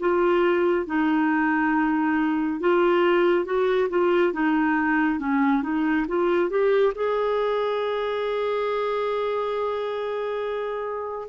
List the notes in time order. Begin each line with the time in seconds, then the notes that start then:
0.00 F4
0.86 D#4
2.60 F4
3.45 F#4
3.90 F4
4.33 D#4
5.19 C#4
5.63 D#4
6.08 F4
6.50 G4
6.95 G#4